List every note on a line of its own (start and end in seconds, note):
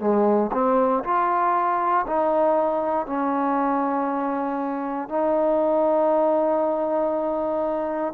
0.00 0.51 G#3
0.53 1.04 C4
1.04 2.06 F4
2.07 3.06 D#4
3.06 5.09 C#4
5.09 8.14 D#4